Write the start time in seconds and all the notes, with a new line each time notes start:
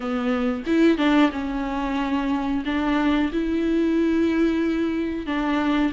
0.00 B3
0.66 E4
0.97 D4
1.32 C#4
2.65 D4
3.32 E4
5.26 D4